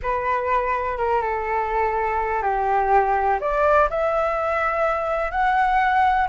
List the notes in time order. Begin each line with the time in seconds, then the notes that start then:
0.02 B4
0.97 A#4
1.21 A4
2.42 G4
3.40 D5
3.90 E5
5.31 F#5